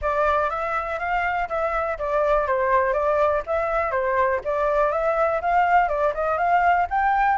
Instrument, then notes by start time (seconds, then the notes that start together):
flute
0.01 D5
0.50 E5
0.99 F5
1.49 E5
1.98 D5
2.47 C5
2.93 D5
3.46 E5
3.91 C5
4.44 D5
4.91 E5
5.41 F5
5.88 D5
6.14 D#5
6.37 F5
6.89 G5